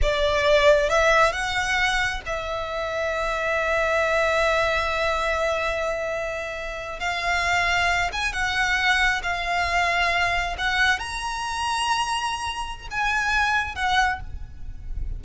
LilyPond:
\new Staff \with { instrumentName = "violin" } { \time 4/4 \tempo 4 = 135 d''2 e''4 fis''4~ | fis''4 e''2.~ | e''1~ | e''2.~ e''8. f''16~ |
f''2~ f''16 gis''8 fis''4~ fis''16~ | fis''8. f''2. fis''16~ | fis''8. ais''2.~ ais''16~ | ais''4 gis''2 fis''4 | }